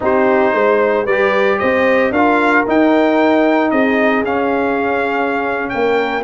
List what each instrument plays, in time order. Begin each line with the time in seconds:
0.00 tuba C4, trombone D#4, horn G4, trumpet C5
0.53 tuba G#3, horn C5
1.04 tuba G3, horn B4, trumpet D5
1.11 trombone G4
1.59 tuba C4, horn C5, trumpet D#5
2.10 tuba D4, trombone F4, horn A#4, trumpet F5
2.66 trombone D#4, tuba D#4, trumpet G5
3.70 tuba C4, horn G#4, trumpet D#5
4.24 tuba C#4, trombone C#4, trumpet F5
5.69 tuba A#3, horn A#4, trumpet G5